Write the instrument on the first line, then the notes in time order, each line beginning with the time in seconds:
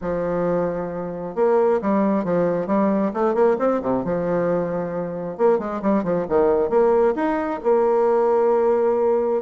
bassoon
0.01 F3
1.35 A#3
1.81 G3
2.24 F3
2.66 G3
3.13 A3
3.34 A#3
3.58 C4
3.81 C3
4.04 F3
5.37 A#3
5.58 G#3
5.81 G3
6.03 F3
6.28 D#3
6.69 A#3
7.15 D#4
7.63 A#3